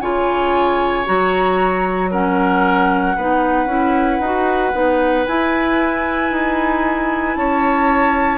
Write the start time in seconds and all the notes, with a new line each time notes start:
0.00 C#3 F4 C#5 G#5
1.05 F#3 F#4 A#5
2.10 C#4 A#4 F#5
3.16 B3 D#4 B4
3.65 C#4 E4
4.19 D#4 F#4
4.73 B3 D#4
5.26 E4 G#5
6.31 D#4
7.36 C#4 C#5 A5